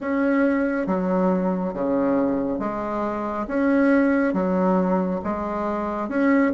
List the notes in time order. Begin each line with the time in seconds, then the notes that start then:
0.00 C#4
0.86 F#3
1.73 C#3
2.59 G#3
3.47 C#4
4.33 F#3
5.24 G#3
6.09 C#4